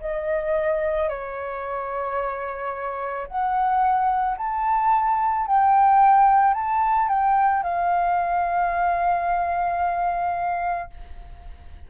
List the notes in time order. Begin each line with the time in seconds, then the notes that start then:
0.00 D#5
1.09 C#5
3.27 F#5
4.38 A5
5.47 G5
6.54 A5
7.09 G5
7.63 F5